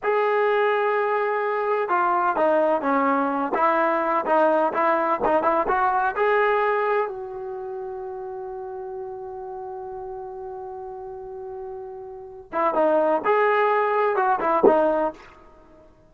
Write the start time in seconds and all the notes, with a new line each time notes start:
0.03 G#4
1.89 F4
2.36 D#4
2.81 C#4
3.54 E4
4.25 D#4
4.73 E4
5.24 D#4
5.43 E4
5.68 F#4
6.16 G#4
7.08 F#4
12.52 E4
12.74 D#4
13.24 G#4
14.15 F#4
14.39 E4
14.65 D#4